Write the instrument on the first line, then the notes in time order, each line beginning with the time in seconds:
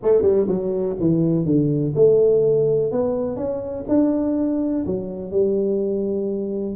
tuba
0.02 A3
0.22 G3
0.48 F#3
1.00 E3
1.45 D3
1.95 A3
2.91 B3
3.36 C#4
3.88 D4
4.86 F#3
5.31 G3